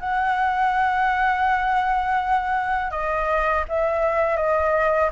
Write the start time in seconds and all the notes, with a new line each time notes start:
0.00 F#5
2.91 D#5
3.69 E5
4.37 D#5